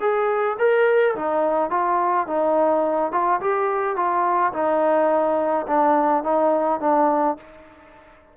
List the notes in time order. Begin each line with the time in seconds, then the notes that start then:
0.00 G#4
0.58 A#4
1.15 D#4
1.70 F4
2.27 D#4
3.12 F4
3.40 G4
3.96 F4
4.53 D#4
5.67 D4
6.23 D#4
6.80 D4